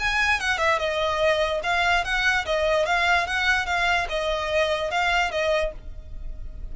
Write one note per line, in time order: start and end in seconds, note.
0.00 0.41 G#5
0.41 0.58 F#5
0.58 0.79 E5
0.79 1.61 D#5
1.63 2.05 F5
2.05 2.46 F#5
2.46 2.86 D#5
2.86 3.27 F5
3.27 3.66 F#5
3.66 4.07 F5
4.10 4.91 D#5
4.91 5.31 F5
5.31 5.73 D#5